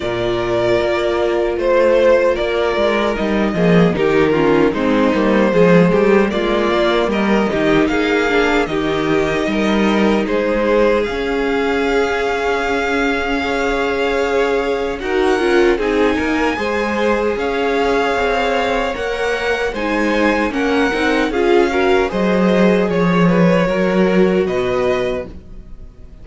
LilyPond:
<<
  \new Staff \with { instrumentName = "violin" } { \time 4/4 \tempo 4 = 76 d''2 c''4 d''4 | dis''4 ais'4 c''2 | d''4 dis''4 f''4 dis''4~ | dis''4 c''4 f''2~ |
f''2. fis''4 | gis''2 f''2 | fis''4 gis''4 fis''4 f''4 | dis''4 cis''2 dis''4 | }
  \new Staff \with { instrumentName = "violin" } { \time 4/4 ais'2 c''4 ais'4~ | ais'8 gis'8 g'8 f'8 dis'4 gis'8 g'8 | f'4 ais'8 g'8 gis'4 g'4 | ais'4 gis'2.~ |
gis'4 cis''2 ais'4 | gis'8 ais'8 c''4 cis''2~ | cis''4 c''4 ais'4 gis'8 ais'8 | c''4 cis''8 b'8 ais'4 b'4 | }
  \new Staff \with { instrumentName = "viola" } { \time 4/4 f'1 | dis'8 ais8 dis'8 cis'8 c'8 ais8 gis4 | ais4. dis'4 d'8 dis'4~ | dis'2 cis'2~ |
cis'4 gis'2 fis'8 f'8 | dis'4 gis'2. | ais'4 dis'4 cis'8 dis'8 f'8 fis'8 | gis'2 fis'2 | }
  \new Staff \with { instrumentName = "cello" } { \time 4/4 ais,4 ais4 a4 ais8 gis8 | g8 f8 dis4 gis8 g8 f8 g8 | gis8 ais8 g8 dis8 ais4 dis4 | g4 gis4 cis'2~ |
cis'2. dis'8 cis'8 | c'8 ais8 gis4 cis'4 c'4 | ais4 gis4 ais8 c'8 cis'4 | fis4 f4 fis4 b,4 | }
>>